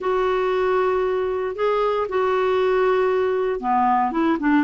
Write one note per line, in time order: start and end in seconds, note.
0.00 1.55 F#4
1.55 2.07 G#4
2.08 3.60 F#4
3.60 4.11 B3
4.11 4.37 E4
4.39 4.64 D4